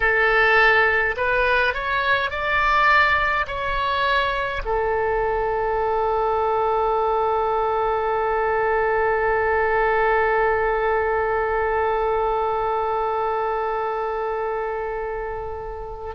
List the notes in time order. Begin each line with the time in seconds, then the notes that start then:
0.00 A4
1.16 B4
1.74 C#5
2.30 D5
3.47 C#5
4.65 A4